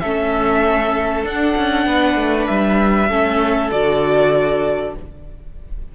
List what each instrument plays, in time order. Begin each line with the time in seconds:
0.00 cello A3, viola C#4, violin A4 E5
1.24 cello D4, viola D4, violin F#5
1.56 cello C#4
1.86 cello B3, violin B4
2.16 cello A3
2.47 cello G3, violin E5
3.09 cello A3, viola C#4, violin A4
3.71 cello D3, viola F#4, violin D5